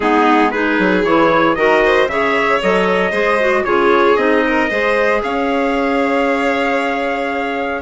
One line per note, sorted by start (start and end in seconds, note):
0.00 0.78 G#3
0.00 0.53 B3
0.00 0.52 D#4
0.00 0.51 G#4
0.51 1.04 D#4
0.51 1.56 G#4
0.51 1.03 B4
0.78 1.04 F#3
1.04 1.56 E3
1.04 1.56 E4
1.04 1.55 C#5
1.55 2.07 D#3
1.55 2.08 F#4
1.55 1.84 A#4
1.55 2.07 D#5
1.84 2.10 C5
2.07 2.59 C#3
2.07 2.61 G#4
2.07 3.10 C#5
2.07 2.60 E5
2.61 3.12 F#3
2.61 3.11 A4
2.61 3.64 D#5
3.10 3.64 G#3
3.10 3.37 G#4
3.10 3.62 C5
3.40 3.65 F#4
3.64 4.16 C#3
3.64 4.17 F4
3.64 4.44 G#4
3.64 4.16 C#5
4.16 4.68 C4
4.16 4.69 D#4
4.16 5.20 D#5
4.46 4.69 A#4
4.69 5.22 G#3
4.69 7.82 G#4
4.69 5.21 C5
5.23 7.82 C#4
5.23 7.82 C#5
5.23 7.82 F5